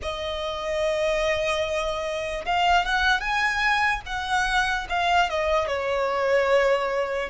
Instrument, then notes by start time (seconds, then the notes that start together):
violin
0.01 D#5
2.45 F5
2.85 F#5
3.20 G#5
4.05 F#5
4.89 F5
5.29 D#5
5.67 C#5